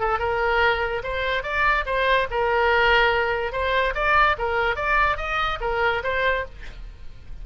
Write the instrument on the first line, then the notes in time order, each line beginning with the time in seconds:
oboe
0.00 A4
0.19 A#4
1.04 C5
1.43 D5
1.86 C5
2.31 A#4
3.52 C5
3.95 D5
4.38 A#4
4.76 D5
5.17 D#5
5.61 A#4
6.04 C5